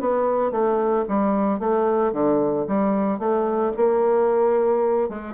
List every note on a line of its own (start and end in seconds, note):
0.00 0.51 B3
0.51 1.05 A3
1.08 1.59 G3
1.59 2.12 A3
2.12 2.66 D3
2.67 3.19 G3
3.19 3.72 A3
3.76 5.09 A#3
5.09 5.34 G#3